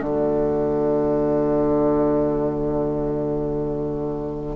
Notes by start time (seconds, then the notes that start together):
0.00 D3 A3 F#4 D5